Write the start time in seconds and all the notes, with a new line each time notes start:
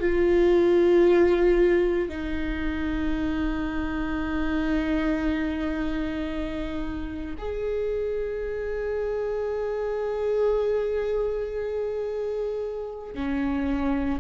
0.00 F4
2.09 D#4
7.38 G#4
13.14 C#4